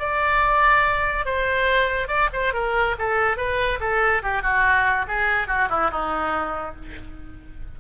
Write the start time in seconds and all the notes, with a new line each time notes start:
0.00 D5
1.26 C5
2.08 D5
2.34 C5
2.54 A#4
2.99 A4
3.37 B4
3.80 A4
4.23 G4
4.43 F#4
5.08 G#4
5.48 F#4
5.70 E4
5.92 D#4